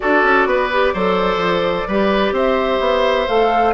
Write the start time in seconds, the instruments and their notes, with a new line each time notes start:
0.00 bassoon D4, clarinet F#4, oboe A4, flute D5
0.23 bassoon C#4
0.46 bassoon B3, oboe B4
0.72 clarinet G4
0.93 bassoon F#3, clarinet A4, oboe C5
1.36 bassoon F3
1.87 bassoon G3, clarinet G4, oboe B4
2.32 bassoon C4, oboe C5, flute E5
2.80 bassoon B3
3.27 bassoon A3, clarinet A4, flute F5